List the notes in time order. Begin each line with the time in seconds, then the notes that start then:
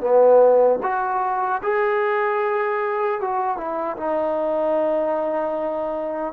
0.00 B3
0.83 F#4
1.63 G#4
3.20 F#4
3.57 E4
3.97 D#4